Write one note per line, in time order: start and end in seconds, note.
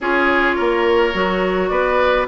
0.00 0.57 C#4
0.00 1.13 F4
0.00 0.55 G#4
0.00 1.68 C#5
0.55 1.14 A#3
0.55 1.70 A#4
1.13 1.70 F#3
1.13 2.28 F#4
1.68 2.27 B3
1.68 2.27 B4
1.68 2.25 D5